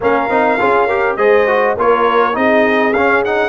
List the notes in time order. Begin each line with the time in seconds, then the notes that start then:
0.00 A#3 C#4 A#4 F5
0.29 C4 D#4
0.59 C#4 F4 G#4
0.86 G4 A#4
1.16 G#3 G#4 C5 D#5
1.46 F#4
1.76 A#3 F4 A#4 C#5
2.33 C4 D#4 G#4 D#5
2.93 C#4 F5
3.25 D#4 F#5